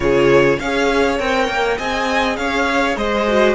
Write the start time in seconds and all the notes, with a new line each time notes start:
0.00 C#3 F4 G#4 C#5
0.58 C#4 G#4 C#5 F5
1.18 C4 A#4 G5
1.48 A#3
1.77 C4 G#4 D#5 G#5
2.36 C#4 C#5 F5
2.96 G#3 C5 D#5
3.27 F#4